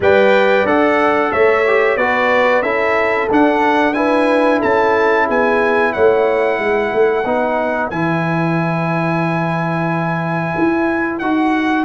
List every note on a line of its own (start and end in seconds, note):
0.00 0.65 G3
0.00 0.66 B4
0.00 1.31 D5
0.00 0.66 G5
0.65 1.30 D4
0.65 1.65 A4
0.65 1.32 F#5
1.31 1.96 A3
1.31 1.97 C#5
1.31 1.97 E5
1.67 1.99 G4
1.96 2.62 B3
1.96 2.63 F#4
1.96 2.62 B4
1.96 2.62 D5
2.62 3.27 C#4
2.62 3.29 E4
2.62 3.94 A4
2.62 3.28 E5
3.30 4.62 D4
3.30 3.94 D4
3.30 3.93 F#5
3.93 7.24 E4
3.93 4.59 B4
3.93 4.59 G#5
4.59 5.29 C#4
4.59 5.25 A4
4.59 5.27 A5
5.26 5.95 B3
5.26 5.92 G#4
5.26 5.92 G#5
5.92 6.59 A3
5.92 6.59 C#5
5.92 7.89 F#5
6.59 6.92 G#3
6.59 11.84 B4
6.93 7.24 A3
7.24 7.90 B3
7.24 7.91 D#4
7.89 10.54 E3
7.89 11.21 E4
7.89 11.18 G#5
10.58 11.20 E4
11.18 11.84 D#4
11.18 11.84 F#4
11.18 11.84 F#5